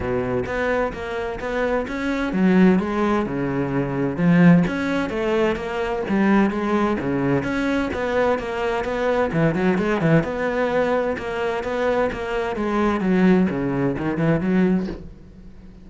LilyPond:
\new Staff \with { instrumentName = "cello" } { \time 4/4 \tempo 4 = 129 b,4 b4 ais4 b4 | cis'4 fis4 gis4 cis4~ | cis4 f4 cis'4 a4 | ais4 g4 gis4 cis4 |
cis'4 b4 ais4 b4 | e8 fis8 gis8 e8 b2 | ais4 b4 ais4 gis4 | fis4 cis4 dis8 e8 fis4 | }